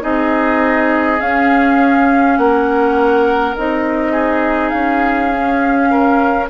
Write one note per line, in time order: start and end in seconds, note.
0.00 1.20 C4
0.00 1.18 D#4
0.00 2.38 G#4
0.00 1.20 D#5
1.19 3.54 C#4
1.19 2.37 C#4
1.19 2.37 F5
2.37 3.55 A#3
2.37 4.12 A#4
2.37 3.55 F#5
3.56 4.73 C4
3.56 5.32 D#4
3.56 4.69 D#5
4.12 5.88 G#4
4.69 6.49 C#4
4.69 6.45 F5
5.32 6.49 C#4
5.90 6.49 A#4